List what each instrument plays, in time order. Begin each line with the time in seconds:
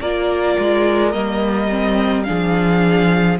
0.00 cello A#3, viola F4, violin A#4 D5
0.58 cello G#3
1.12 cello G3, viola A#3, violin D#5
1.69 viola C4
2.23 cello F3, viola D4, violin G#4 F5